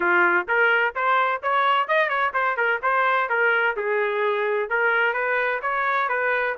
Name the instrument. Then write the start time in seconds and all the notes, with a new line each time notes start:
trumpet
0.00 F4
0.48 A#4
0.95 C5
1.42 C#5
1.87 D#5
2.08 C#5
2.33 C5
2.56 A#4
2.82 C5
3.29 A#4
3.76 G#4
4.69 A#4
5.13 B4
5.62 C#5
6.08 B4